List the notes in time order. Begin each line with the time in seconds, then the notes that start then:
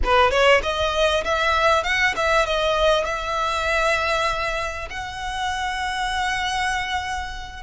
0.04 B4
0.30 C#5
0.62 D#5
1.24 E5
1.83 F#5
2.16 E5
2.46 D#5
3.04 E5
4.90 F#5